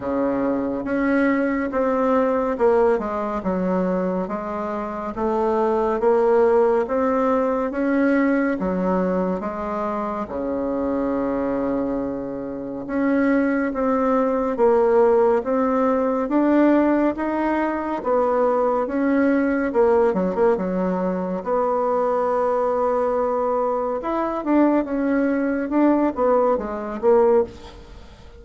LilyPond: \new Staff \with { instrumentName = "bassoon" } { \time 4/4 \tempo 4 = 70 cis4 cis'4 c'4 ais8 gis8 | fis4 gis4 a4 ais4 | c'4 cis'4 fis4 gis4 | cis2. cis'4 |
c'4 ais4 c'4 d'4 | dis'4 b4 cis'4 ais8 fis16 ais16 | fis4 b2. | e'8 d'8 cis'4 d'8 b8 gis8 ais8 | }